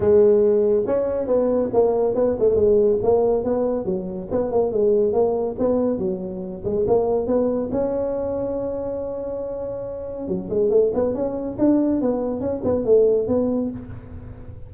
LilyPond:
\new Staff \with { instrumentName = "tuba" } { \time 4/4 \tempo 4 = 140 gis2 cis'4 b4 | ais4 b8 a8 gis4 ais4 | b4 fis4 b8 ais8 gis4 | ais4 b4 fis4. gis8 |
ais4 b4 cis'2~ | cis'1 | fis8 gis8 a8 b8 cis'4 d'4 | b4 cis'8 b8 a4 b4 | }